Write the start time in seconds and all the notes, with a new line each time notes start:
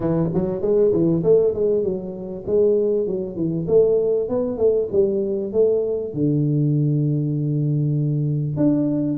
0.00 E3
0.34 F#3
0.61 G#3
0.92 E3
1.23 A3
1.54 G#3
1.83 F#3
2.46 G#3
3.06 F#3
3.35 E3
3.67 A3
4.29 B3
4.58 A3
4.92 G3
5.52 A3
6.13 D3
8.56 D4